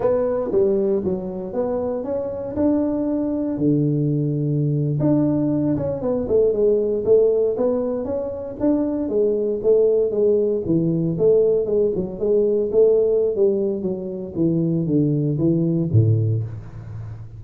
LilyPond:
\new Staff \with { instrumentName = "tuba" } { \time 4/4 \tempo 4 = 117 b4 g4 fis4 b4 | cis'4 d'2 d4~ | d4.~ d16 d'4. cis'8 b16~ | b16 a8 gis4 a4 b4 cis'16~ |
cis'8. d'4 gis4 a4 gis16~ | gis8. e4 a4 gis8 fis8 gis16~ | gis8. a4~ a16 g4 fis4 | e4 d4 e4 a,4 | }